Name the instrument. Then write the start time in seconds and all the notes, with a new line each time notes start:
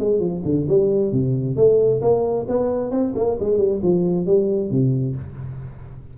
tuba
0.00 G#3
0.21 F3
0.46 D3
0.69 G3
1.13 C3
1.57 A3
2.02 A#3
2.49 B3
2.92 C4
3.16 A#3
3.40 G#3
3.58 G3
3.83 F3
4.27 G3
4.71 C3